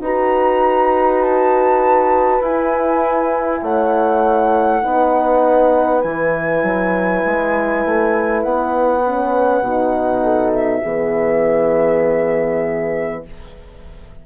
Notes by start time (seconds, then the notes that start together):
0.00 D#4 F#4 B4 A#5
1.22 A5
2.41 E4 G#5
3.62 A3 C#5 F#5
4.82 B3 D#4 B4
6.02 E3 E4 G#5
6.62 F#3
7.25 G#3
7.85 A3
8.43 B3 F#5
9.05 C#4
9.61 B2 D#4
10.23 A4
10.53 E5
10.82 E3 B3 G#4